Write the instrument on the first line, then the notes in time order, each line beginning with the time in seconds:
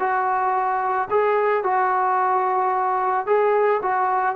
trombone
0.00 F#4
1.11 G#4
1.64 F#4
3.27 G#4
3.83 F#4